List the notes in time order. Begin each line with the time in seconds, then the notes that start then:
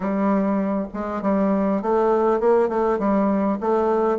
0.00 G3
0.93 G#3
1.22 G3
1.82 A3
2.39 A#3
2.68 A3
2.98 G3
3.60 A3